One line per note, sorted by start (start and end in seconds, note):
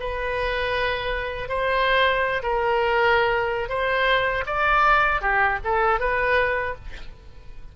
0.00 1.49 B4
1.49 2.42 C5
2.43 3.69 A#4
3.69 4.44 C5
4.47 5.22 D5
5.22 5.59 G4
5.65 6.00 A4
6.00 6.75 B4